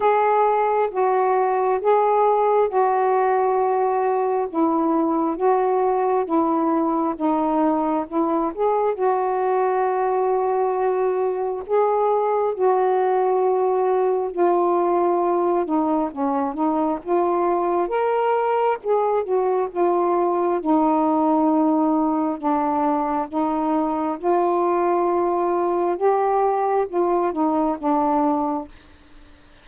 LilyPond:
\new Staff \with { instrumentName = "saxophone" } { \time 4/4 \tempo 4 = 67 gis'4 fis'4 gis'4 fis'4~ | fis'4 e'4 fis'4 e'4 | dis'4 e'8 gis'8 fis'2~ | fis'4 gis'4 fis'2 |
f'4. dis'8 cis'8 dis'8 f'4 | ais'4 gis'8 fis'8 f'4 dis'4~ | dis'4 d'4 dis'4 f'4~ | f'4 g'4 f'8 dis'8 d'4 | }